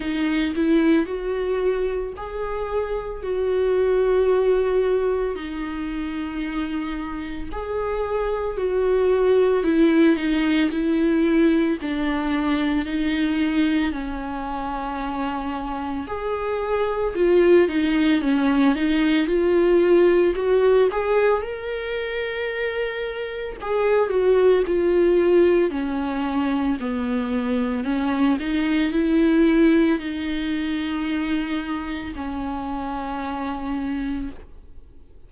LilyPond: \new Staff \with { instrumentName = "viola" } { \time 4/4 \tempo 4 = 56 dis'8 e'8 fis'4 gis'4 fis'4~ | fis'4 dis'2 gis'4 | fis'4 e'8 dis'8 e'4 d'4 | dis'4 cis'2 gis'4 |
f'8 dis'8 cis'8 dis'8 f'4 fis'8 gis'8 | ais'2 gis'8 fis'8 f'4 | cis'4 b4 cis'8 dis'8 e'4 | dis'2 cis'2 | }